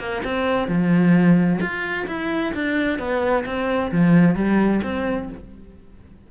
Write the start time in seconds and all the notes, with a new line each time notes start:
0.00 A#3
0.24 C4
0.68 F3
1.61 F4
2.08 E4
2.54 D4
2.99 B3
3.46 C4
3.92 F3
4.36 G3
4.83 C4